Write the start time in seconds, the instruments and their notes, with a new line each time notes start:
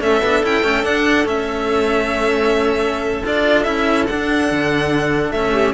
0.00 cello A3 C#4, clarinet A4, violin E5
0.21 cello B3 D4
0.42 cello C#4 E4, violin G5
0.63 cello A3 C#4
0.83 cello D4, violin F#5
1.25 cello A3 C#4, violin E5
3.25 cello D4 F4, violin D5
3.64 cello C#4 E4, violin E5
4.07 cello D4, violin F#5
4.51 cello D3
5.32 cello A3 C#4, violin E5
5.53 clarinet G4